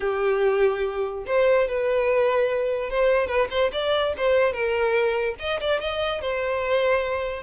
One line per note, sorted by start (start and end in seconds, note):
0.00 1.24 G4
1.26 1.68 C5
1.68 2.90 B4
2.90 3.27 C5
3.27 3.48 B4
3.50 3.71 C5
3.72 4.13 D5
4.17 4.52 C5
4.52 5.35 A#4
5.39 5.60 D#5
5.60 5.80 D5
5.80 6.21 D#5
6.21 7.42 C5